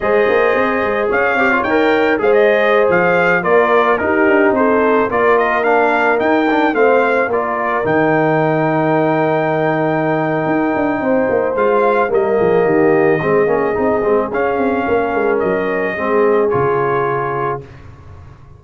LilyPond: <<
  \new Staff \with { instrumentName = "trumpet" } { \time 4/4 \tempo 4 = 109 dis''2 f''4 g''4 | f''16 dis''4 f''4 d''4 ais'8.~ | ais'16 c''4 d''8 dis''8 f''4 g''8.~ | g''16 f''4 d''4 g''4.~ g''16~ |
g''1~ | g''4 f''4 dis''2~ | dis''2 f''2 | dis''2 cis''2 | }
  \new Staff \with { instrumentName = "horn" } { \time 4/4 c''2 cis''2 | c''2~ c''16 ais'4 g'8.~ | g'16 a'4 ais'2~ ais'8.~ | ais'16 c''4 ais'2~ ais'8.~ |
ais'1 | c''2 ais'8 gis'8 g'4 | gis'2. ais'4~ | ais'4 gis'2. | }
  \new Staff \with { instrumentName = "trombone" } { \time 4/4 gis'2~ gis'8 g'16 f'16 ais'4 | gis'2~ gis'16 f'4 dis'8.~ | dis'4~ dis'16 f'4 d'4 dis'8 d'16~ | d'16 c'4 f'4 dis'4.~ dis'16~ |
dis'1~ | dis'4 f'4 ais2 | c'8 cis'8 dis'8 c'8 cis'2~ | cis'4 c'4 f'2 | }
  \new Staff \with { instrumentName = "tuba" } { \time 4/4 gis8 ais8 c'8 gis8 cis'8 c'8 dis'4 | gis4~ gis16 f4 ais4 dis'8 d'16~ | d'16 c'4 ais2 dis'8.~ | dis'16 a4 ais4 dis4.~ dis16~ |
dis2. dis'8 d'8 | c'8 ais8 gis4 g8 f8 dis4 | gis8 ais8 c'8 gis8 cis'8 c'8 ais8 gis8 | fis4 gis4 cis2 | }
>>